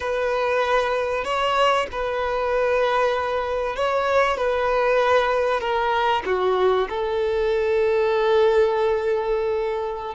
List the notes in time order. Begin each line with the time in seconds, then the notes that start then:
0.00 B4
1.24 C#5
1.91 B4
3.76 C#5
4.37 B4
5.60 A#4
6.25 F#4
6.89 A4